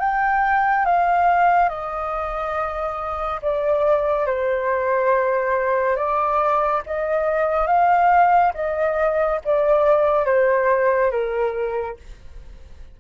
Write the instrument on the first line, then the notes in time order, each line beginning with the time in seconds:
flute
0.00 G5
0.86 F5
1.69 D#5
3.42 D5
4.26 C5
5.96 D5
6.86 D#5
7.67 F5
8.54 D#5
9.45 D5
10.25 C5
11.11 A#4